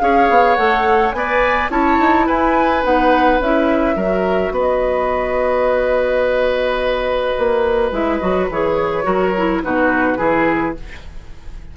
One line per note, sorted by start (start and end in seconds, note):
0.00 0.30 C#4
0.00 0.57 G#4
0.00 1.16 C#5
0.00 0.55 F5
0.30 0.57 B3
0.55 1.13 A3
0.55 1.15 A4
0.55 1.12 F#5
1.12 1.70 B3
1.12 1.71 B4
1.12 1.71 D5
1.12 1.69 G#5
1.70 1.98 C#4
1.70 2.83 E4
1.70 2.26 C#5
1.70 2.27 A5
2.00 2.28 D#4
2.26 2.84 E4
2.26 3.96 B4
2.26 2.84 G#5
2.83 3.40 B3
2.83 3.40 D#4
2.83 3.41 F#5
3.40 3.96 C#4
3.40 3.97 E4
3.40 4.54 E5
3.96 4.51 F#3
3.96 7.93 F#4
3.96 4.52 A#4
4.51 7.34 B3
4.51 9.05 B4
4.51 7.94 D#5
7.38 7.91 A#3
7.91 8.20 G#3
7.91 8.21 E4
7.91 8.18 E5
8.18 8.49 F#3
8.18 8.49 F#4
8.18 8.46 D#5
8.49 9.06 E3
8.49 9.04 G#4
8.49 9.63 C#5
9.04 9.62 F#3
9.04 9.32 F#4
9.04 9.62 A#4
9.37 9.64 E4
9.63 10.19 B2
9.63 10.17 D#4
9.63 10.18 F#4
9.63 10.77 B4
10.17 10.76 E3
10.17 10.74 E4
10.17 10.74 G#4